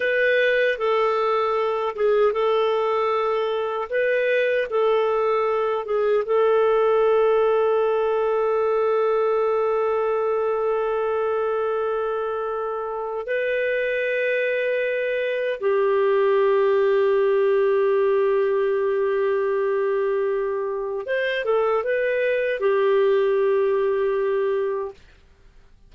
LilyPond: \new Staff \with { instrumentName = "clarinet" } { \time 4/4 \tempo 4 = 77 b'4 a'4. gis'8 a'4~ | a'4 b'4 a'4. gis'8 | a'1~ | a'1~ |
a'4 b'2. | g'1~ | g'2. c''8 a'8 | b'4 g'2. | }